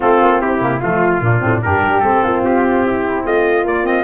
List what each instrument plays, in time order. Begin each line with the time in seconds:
0.00 tuba A3, saxophone C4, flute F4, trumpet A4
0.21 tuba A#3
0.41 tuba C4, flute E4, trumpet G4
0.60 tuba C3, saxophone A#3
0.80 tuba F3, saxophone A3, flute F4, trumpet F4
1.20 tuba A#2, saxophone A#3, flute D4
1.40 tuba A2, saxophone C4
1.62 tuba G2, saxophone D4, flute G4, trumpet A#4
1.86 tuba G3
1.99 tuba A3, saxophone C4, trumpet A4
2.23 tuba A#3, flute F4
2.43 tuba C4, trumpet G4
2.85 flute E4
3.25 tuba A3, flute F4, trumpet D#5
3.63 tuba A#3, saxophone A#3, trumpet D5
3.83 saxophone C4, trumpet D#5